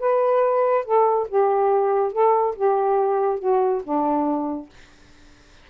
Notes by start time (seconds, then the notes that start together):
0.00 B4
0.85 A4
1.29 G4
2.13 A4
2.56 G4
3.40 F#4
3.84 D4